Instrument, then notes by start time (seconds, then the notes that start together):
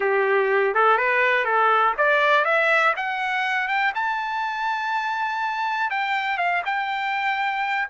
trumpet
0.00 G4
0.74 A4
0.97 B4
1.44 A4
1.97 D5
2.45 E5
2.96 F#5
3.68 G5
3.95 A5
5.90 G5
6.37 F5
6.65 G5